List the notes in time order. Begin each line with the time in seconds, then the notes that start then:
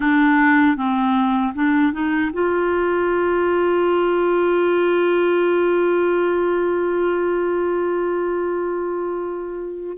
0.00 D4
0.76 C4
1.55 D4
1.92 D#4
2.33 F4